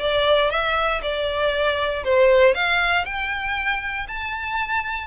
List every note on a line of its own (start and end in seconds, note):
0.00 0.51 D5
0.51 1.01 E5
1.02 2.04 D5
2.05 2.55 C5
2.55 3.06 F5
3.06 4.07 G5
4.08 5.07 A5